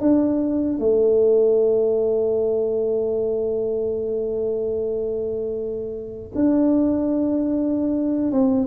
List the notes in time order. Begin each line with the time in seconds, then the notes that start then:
0.00 D4
0.79 A3
6.35 D4
8.32 C4